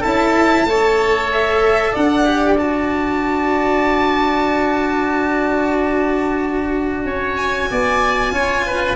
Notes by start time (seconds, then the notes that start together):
0.00 C#4 E4 A4 A5
0.65 A3 A4 C#5
1.33 E5
1.92 D4 D5 F#5
2.25 G4
2.58 F#4 A5
7.05 C#4 C#5
7.36 G#5
7.71 B3 D5
8.32 C#4 F4 C#5
8.66 B4